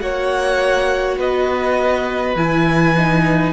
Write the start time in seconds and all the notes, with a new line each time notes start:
0.00 A#3 F#4 C#5 F#5
1.18 B3 B4 D#5
2.36 E3 E4 G#5
2.98 D#4